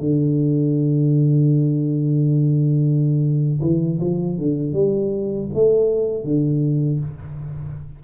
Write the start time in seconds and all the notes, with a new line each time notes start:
0.00 D3
3.62 E3
4.01 F3
4.38 D3
4.73 G3
5.54 A3
6.24 D3